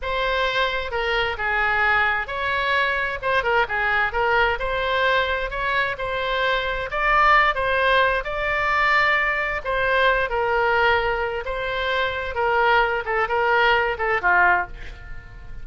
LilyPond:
\new Staff \with { instrumentName = "oboe" } { \time 4/4 \tempo 4 = 131 c''2 ais'4 gis'4~ | gis'4 cis''2 c''8 ais'8 | gis'4 ais'4 c''2 | cis''4 c''2 d''4~ |
d''8 c''4. d''2~ | d''4 c''4. ais'4.~ | ais'4 c''2 ais'4~ | ais'8 a'8 ais'4. a'8 f'4 | }